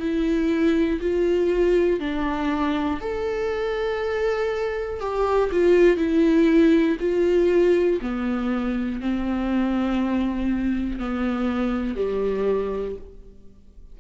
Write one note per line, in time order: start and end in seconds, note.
0.00 1.00 E4
1.01 2.00 F4
2.00 3.00 D4
3.00 5.00 A4
5.00 5.50 G4
5.52 5.97 F4
5.97 6.97 E4
7.00 8.00 F4
8.02 9.01 B3
9.01 11.00 C4
11.00 11.95 B3
11.95 12.95 G3